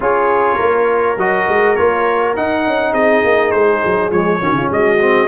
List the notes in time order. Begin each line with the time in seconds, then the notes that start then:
0.00 C#4 F4 G#4 C#5
0.55 A#3 A#4
1.17 F#3 F#4 D#5
1.48 G#3
1.75 A#3 F4 C#5
2.35 D#4 F#5
2.67 C#4
2.92 C4 G#4 D#5
3.24 A#3
3.51 G#3 C5
3.85 F#3
4.10 F3 G#3 C#5
4.40 D#3 C#4 F#4
4.52 C#3 F4
4.70 G#3 F#4 D#5
4.99 C4